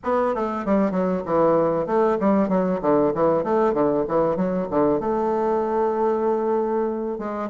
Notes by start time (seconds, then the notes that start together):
0.03 B3
0.34 A3
0.65 G3
0.91 F#3
1.25 E3
1.86 A3
2.20 G3
2.48 F#3
2.81 D3
3.14 E3
3.43 A3
3.73 D3
4.08 E3
4.36 F#3
4.70 D3
4.99 A3
7.18 G#3